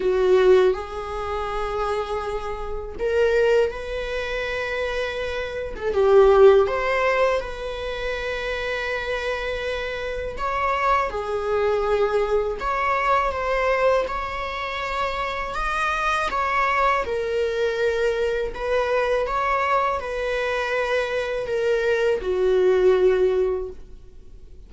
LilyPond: \new Staff \with { instrumentName = "viola" } { \time 4/4 \tempo 4 = 81 fis'4 gis'2. | ais'4 b'2~ b'8. a'16 | g'4 c''4 b'2~ | b'2 cis''4 gis'4~ |
gis'4 cis''4 c''4 cis''4~ | cis''4 dis''4 cis''4 ais'4~ | ais'4 b'4 cis''4 b'4~ | b'4 ais'4 fis'2 | }